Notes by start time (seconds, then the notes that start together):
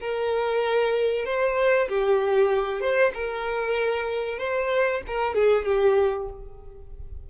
0.00 A#4
1.25 C5
1.89 G4
2.80 C5
3.14 A#4
4.38 C5
5.07 A#4
5.35 G#4
5.65 G4